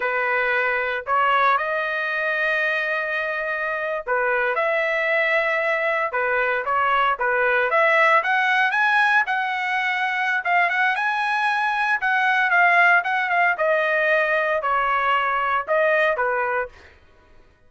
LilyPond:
\new Staff \with { instrumentName = "trumpet" } { \time 4/4 \tempo 4 = 115 b'2 cis''4 dis''4~ | dis''2.~ dis''8. b'16~ | b'8. e''2. b'16~ | b'8. cis''4 b'4 e''4 fis''16~ |
fis''8. gis''4 fis''2~ fis''16 | f''8 fis''8 gis''2 fis''4 | f''4 fis''8 f''8 dis''2 | cis''2 dis''4 b'4 | }